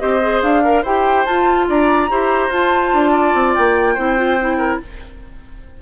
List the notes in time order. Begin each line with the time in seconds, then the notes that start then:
0.00 C4 G4 C5 D#5
0.22 G#4
0.42 D4 F5
0.64 A#4
0.83 E4 G4 C5 G5
1.26 F4 A5
1.68 D4 D5 A#5
2.10 E4 G4 C5
2.49 F4 A5
2.94 D4
3.12 D5
3.35 C4
3.55 A#3 G5
3.95 C4 E4 C5
4.17 F4
4.40 E4
4.58 A#4